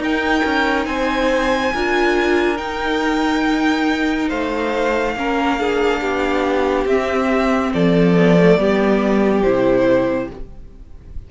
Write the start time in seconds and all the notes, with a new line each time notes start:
0.00 D#4 A#4 G5
0.45 C#4
0.86 C4 C5 G#5
1.74 D4 F4 A#4
2.57 D#4 G5
4.29 A3 C5 F5
5.17 A#3 C#4 A#4
5.59 D4 G#4
6.01 B3 G4
6.86 C4 E5
7.74 F3 A4 D5
8.17 B3
8.37 A3
8.58 G3 B3 G4
9.43 C3 E4 C5